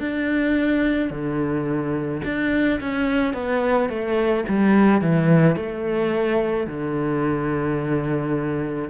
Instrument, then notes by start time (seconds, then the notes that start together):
cello
0.00 D4
1.10 D3
2.24 D4
2.80 C#4
3.33 B3
3.89 A3
4.48 G3
5.01 E3
5.56 A3
6.67 D3